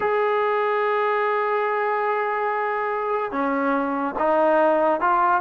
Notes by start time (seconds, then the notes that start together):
0.00 G#4
3.31 C#4
4.19 D#4
5.00 F4